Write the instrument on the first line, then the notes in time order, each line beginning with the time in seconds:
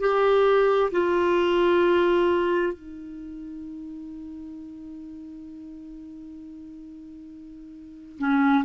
clarinet
0.00 G4
0.92 F4
2.73 D#4
8.19 C#4